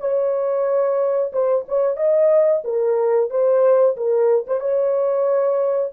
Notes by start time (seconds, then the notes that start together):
0.00 C#5
1.32 C5
1.68 C#5
1.97 D#5
2.64 A#4
3.30 C5
3.97 A#4
4.47 C5
4.60 C#5